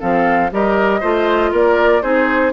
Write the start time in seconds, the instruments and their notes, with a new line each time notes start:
0.00 bassoon F3, clarinet C4, oboe A4, flute F5
0.52 bassoon G3, clarinet G4, oboe A#4, flute D#5
1.01 bassoon A3, clarinet F4, oboe C5
1.52 bassoon A#3, oboe A#4, flute D5
2.02 bassoon C4, clarinet D#4, oboe G#4, flute C5